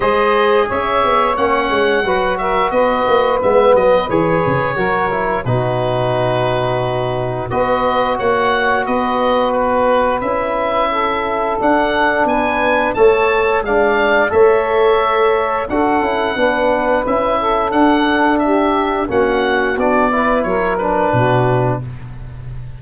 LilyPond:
<<
  \new Staff \with { instrumentName = "oboe" } { \time 4/4 \tempo 4 = 88 dis''4 e''4 fis''4. e''8 | dis''4 e''8 dis''8 cis''2 | b'2. dis''4 | fis''4 dis''4 b'4 e''4~ |
e''4 fis''4 gis''4 a''4 | f''4 e''2 fis''4~ | fis''4 e''4 fis''4 e''4 | fis''4 d''4 cis''8 b'4. | }
  \new Staff \with { instrumentName = "saxophone" } { \time 4/4 c''4 cis''2 b'8 ais'8 | b'2. ais'4 | fis'2. b'4 | cis''4 b'2. |
a'2 b'4 cis''4 | d''4 cis''2 a'4 | b'4. a'4. g'4 | fis'4. b'8 ais'4 fis'4 | }
  \new Staff \with { instrumentName = "trombone" } { \time 4/4 gis'2 cis'4 fis'4~ | fis'4 b4 gis'4 fis'8 e'8 | dis'2. fis'4~ | fis'2. e'4~ |
e'4 d'2 a'4 | d'4 a'2 fis'8 e'8 | d'4 e'4 d'2 | cis'4 d'8 e'4 d'4. | }
  \new Staff \with { instrumentName = "tuba" } { \time 4/4 gis4 cis'8 b8 ais8 gis8 fis4 | b8 ais8 gis8 fis8 e8 cis8 fis4 | b,2. b4 | ais4 b2 cis'4~ |
cis'4 d'4 b4 a4 | gis4 a2 d'8 cis'8 | b4 cis'4 d'2 | ais4 b4 fis4 b,4 | }
>>